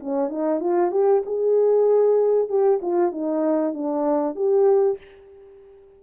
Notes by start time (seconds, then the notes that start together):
0.00 C#4
0.29 D#4
0.60 F4
0.91 G4
1.26 G#4
2.49 G4
2.82 F4
3.12 D#4
3.74 D4
4.35 G4